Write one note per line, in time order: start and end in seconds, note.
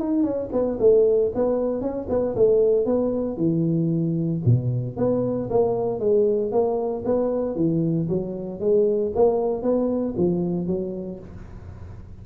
0.00 0.23 D#4
0.23 0.49 C#4
0.52 0.78 B3
0.80 1.32 A3
1.35 1.81 B3
1.81 2.07 C#4
2.09 2.35 B3
2.35 2.86 A3
2.86 3.37 B3
3.37 4.41 E3
4.45 4.97 B2
4.97 5.49 B3
5.50 6.00 A#3
6.00 6.51 G#3
6.51 7.04 A#3
7.05 7.55 B3
7.55 8.08 E3
8.09 8.60 F#3
8.60 9.12 G#3
9.15 9.62 A#3
9.62 10.15 B3
10.17 10.67 F3
10.67 11.19 F#3